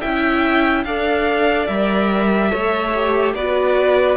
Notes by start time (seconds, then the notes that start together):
0.00 C#4 E4 E5 G5
0.84 D4 A4 D5 F5
1.66 G3 A#4 E5
2.49 A3 A4 C#5
2.95 G4
3.33 B3 F#4 B4 D5